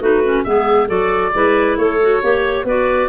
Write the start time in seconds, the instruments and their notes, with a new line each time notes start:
0.00 tuba A3, clarinet D#4 F#4, oboe B4
0.24 clarinet C#4
0.44 tuba G#3, clarinet B3 G#4, oboe E5
0.87 tuba F#3, clarinet F#4 A4, oboe D5
1.33 tuba G#3, clarinet E4 B4
1.78 tuba A3, clarinet A4, oboe C#5
2.01 clarinet F#4
2.22 tuba A#3, clarinet G4 C#5
2.64 tuba B3, clarinet F#4 B4, oboe D5